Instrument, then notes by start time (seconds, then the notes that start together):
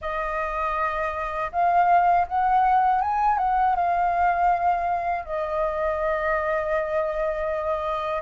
flute
0.01 D#5
1.51 F5
2.27 F#5
3.01 G#5
3.38 F#5
3.75 F5
5.25 D#5